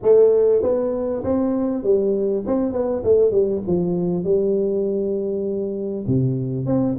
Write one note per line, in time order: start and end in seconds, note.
0.02 0.62 A3
0.62 1.23 B3
1.23 1.83 C4
1.83 2.43 G3
2.46 2.72 C4
2.72 3.02 B3
3.04 3.31 A3
3.31 3.61 G3
3.66 4.23 F3
4.23 6.05 G3
6.07 6.66 C3
6.66 6.96 C4